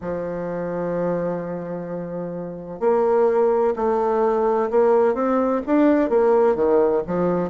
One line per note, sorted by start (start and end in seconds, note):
0.00 2.80 F3
2.80 3.73 A#3
3.76 4.70 A3
4.70 5.14 A#3
5.14 5.61 C4
5.66 6.09 D4
6.09 6.55 A#3
6.55 7.01 D#3
7.06 7.49 F3